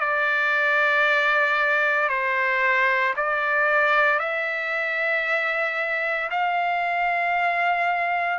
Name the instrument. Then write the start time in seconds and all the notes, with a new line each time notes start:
trumpet
0.00 D5
2.09 C5
3.16 D5
4.19 E5
6.31 F5